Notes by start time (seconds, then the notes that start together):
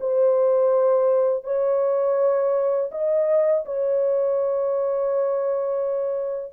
0.00 C5
1.44 C#5
2.91 D#5
3.66 C#5